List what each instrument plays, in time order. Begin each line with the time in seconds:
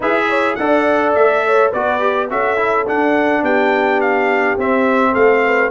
0.00 tuba E4, trombone G#4, horn B4, trumpet E5
0.28 horn C#5
0.55 tuba D4, trombone A4, horn D5, trumpet F#5
1.14 tuba A3, trumpet E5
1.46 horn C#5
1.70 tuba B3, trombone F#4, horn B4, trumpet D5
2.00 trombone G4
2.30 tuba C#4, trombone F#4, horn A4, trumpet E5
2.57 trombone E4
2.86 trombone D4, tuba D4, trumpet F#5
3.42 tuba B3, horn G4, trumpet G5
4.01 trumpet F5
4.57 tuba C4, trombone C4, trumpet E5
5.11 tuba A3, horn A4, trumpet F5
5.45 horn B4